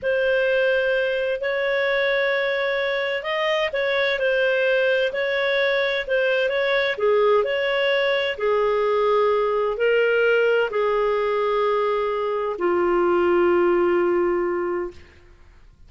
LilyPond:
\new Staff \with { instrumentName = "clarinet" } { \time 4/4 \tempo 4 = 129 c''2. cis''4~ | cis''2. dis''4 | cis''4 c''2 cis''4~ | cis''4 c''4 cis''4 gis'4 |
cis''2 gis'2~ | gis'4 ais'2 gis'4~ | gis'2. f'4~ | f'1 | }